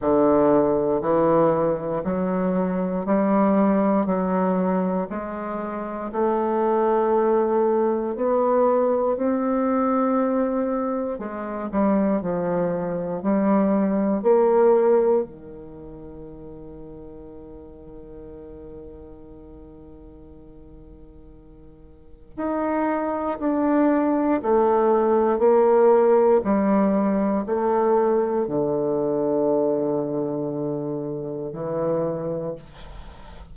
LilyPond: \new Staff \with { instrumentName = "bassoon" } { \time 4/4 \tempo 4 = 59 d4 e4 fis4 g4 | fis4 gis4 a2 | b4 c'2 gis8 g8 | f4 g4 ais4 dis4~ |
dis1~ | dis2 dis'4 d'4 | a4 ais4 g4 a4 | d2. e4 | }